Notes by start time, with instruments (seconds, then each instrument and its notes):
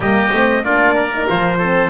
0.00 double bass G3, horn A#3, oboe G4, trumpet D#5
0.32 double bass A3, horn C4
0.63 double bass A#3, horn D4, oboe F4, trumpet D5
0.94 oboe A#4
1.14 horn D#4
1.28 double bass F3, horn F4, trumpet C5
1.58 horn C4, oboe A4